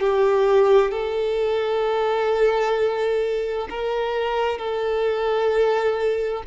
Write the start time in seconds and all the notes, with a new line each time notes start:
0.00 G4
0.91 A4
3.70 A#4
4.58 A4